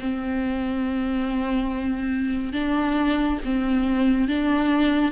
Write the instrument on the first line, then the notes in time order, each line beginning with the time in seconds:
viola
0.00 C4
2.53 D4
3.45 C4
4.28 D4